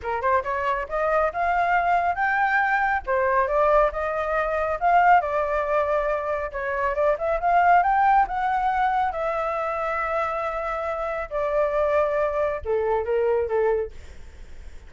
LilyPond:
\new Staff \with { instrumentName = "flute" } { \time 4/4 \tempo 4 = 138 ais'8 c''8 cis''4 dis''4 f''4~ | f''4 g''2 c''4 | d''4 dis''2 f''4 | d''2. cis''4 |
d''8 e''8 f''4 g''4 fis''4~ | fis''4 e''2.~ | e''2 d''2~ | d''4 a'4 ais'4 a'4 | }